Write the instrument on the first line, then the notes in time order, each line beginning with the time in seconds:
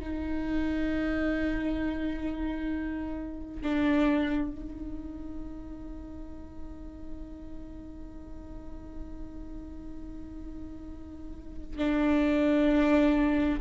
viola
0.00 D#4
3.62 D4
4.52 D#4
11.79 D4